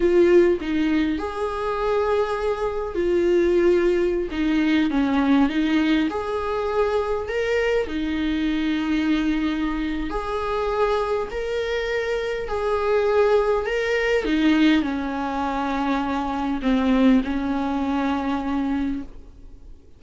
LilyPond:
\new Staff \with { instrumentName = "viola" } { \time 4/4 \tempo 4 = 101 f'4 dis'4 gis'2~ | gis'4 f'2~ f'16 dis'8.~ | dis'16 cis'4 dis'4 gis'4.~ gis'16~ | gis'16 ais'4 dis'2~ dis'8.~ |
dis'4 gis'2 ais'4~ | ais'4 gis'2 ais'4 | dis'4 cis'2. | c'4 cis'2. | }